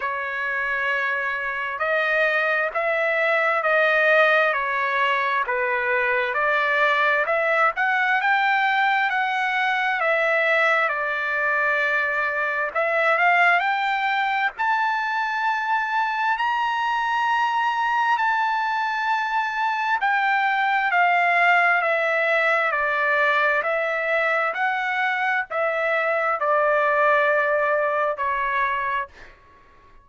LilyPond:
\new Staff \with { instrumentName = "trumpet" } { \time 4/4 \tempo 4 = 66 cis''2 dis''4 e''4 | dis''4 cis''4 b'4 d''4 | e''8 fis''8 g''4 fis''4 e''4 | d''2 e''8 f''8 g''4 |
a''2 ais''2 | a''2 g''4 f''4 | e''4 d''4 e''4 fis''4 | e''4 d''2 cis''4 | }